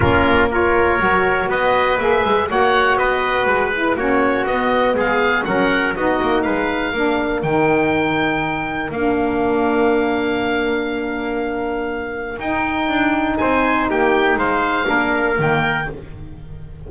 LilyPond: <<
  \new Staff \with { instrumentName = "oboe" } { \time 4/4 \tempo 4 = 121 ais'4 cis''2 dis''4 | e''4 fis''4 dis''4 b'4 | cis''4 dis''4 f''4 fis''4 | dis''4 f''2 g''4~ |
g''2 f''2~ | f''1~ | f''4 g''2 gis''4 | g''4 f''2 g''4 | }
  \new Staff \with { instrumentName = "trumpet" } { \time 4/4 f'4 ais'2 b'4~ | b'4 cis''4 b'2 | fis'2 gis'4 ais'4 | fis'4 b'4 ais'2~ |
ais'1~ | ais'1~ | ais'2. c''4 | g'4 c''4 ais'2 | }
  \new Staff \with { instrumentName = "saxophone" } { \time 4/4 cis'4 f'4 fis'2 | gis'4 fis'2~ fis'8 e'8 | cis'4 b2 cis'4 | dis'2 d'4 dis'4~ |
dis'2 d'2~ | d'1~ | d'4 dis'2.~ | dis'2 d'4 ais4 | }
  \new Staff \with { instrumentName = "double bass" } { \time 4/4 ais2 fis4 b4 | ais8 gis8 ais4 b4 gis4 | ais4 b4 gis4 fis4 | b8 ais8 gis4 ais4 dis4~ |
dis2 ais2~ | ais1~ | ais4 dis'4 d'4 c'4 | ais4 gis4 ais4 dis4 | }
>>